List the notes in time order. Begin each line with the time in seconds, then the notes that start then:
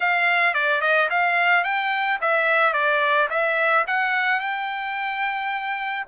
0.00 F5
0.54 D5
0.81 D#5
1.10 F5
1.63 G5
2.21 E5
2.73 D5
3.30 E5
3.87 F#5
4.40 G5